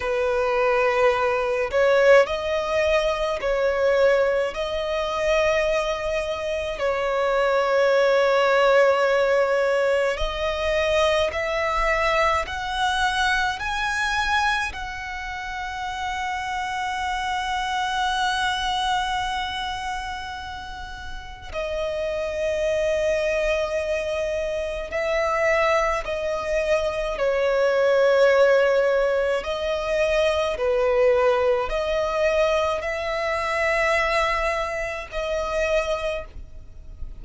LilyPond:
\new Staff \with { instrumentName = "violin" } { \time 4/4 \tempo 4 = 53 b'4. cis''8 dis''4 cis''4 | dis''2 cis''2~ | cis''4 dis''4 e''4 fis''4 | gis''4 fis''2.~ |
fis''2. dis''4~ | dis''2 e''4 dis''4 | cis''2 dis''4 b'4 | dis''4 e''2 dis''4 | }